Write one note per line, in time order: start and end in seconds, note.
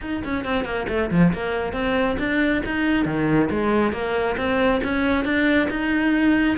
0.01 0.23 D#4
0.24 0.45 C#4
0.45 0.64 C4
0.64 0.86 A#3
0.88 1.10 A3
1.10 1.32 F3
1.33 1.73 A#3
1.73 2.16 C4
2.18 2.62 D4
2.65 3.05 D#4
3.05 3.49 D#3
3.50 3.92 G#3
3.92 4.36 A#3
4.37 4.81 C4
4.83 5.24 C#4
5.24 5.68 D4
5.70 6.57 D#4